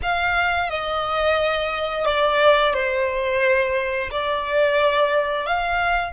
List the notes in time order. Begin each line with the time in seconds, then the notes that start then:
0.02 F5
0.69 D#5
2.05 D5
2.73 C5
4.11 D5
5.46 F5